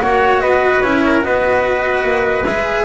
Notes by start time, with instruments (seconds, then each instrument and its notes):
0.00 double bass A#3, cello F#4, trumpet C#5, flute F#5
0.40 double bass B3, trumpet B4, flute D#5
0.81 double bass C#4, cello E4, flute C#5
1.05 trumpet A#4
1.21 double bass B3, cello F#4, trumpet B4, flute D#5
2.03 double bass A#3
2.44 double bass G#3, cello G#4, flute E5